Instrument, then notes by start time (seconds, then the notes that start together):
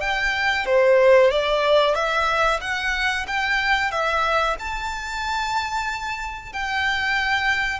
violin
0.00 G5
0.65 C5
1.30 D5
1.94 E5
2.60 F#5
3.27 G5
3.91 E5
4.59 A5
6.52 G5